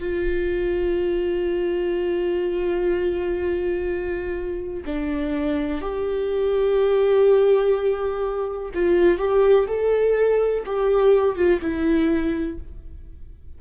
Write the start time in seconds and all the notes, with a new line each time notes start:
0.00 F4
4.86 D4
5.82 G4
8.74 F4
9.18 G4
9.67 A4
10.66 G4
11.36 F4
11.62 E4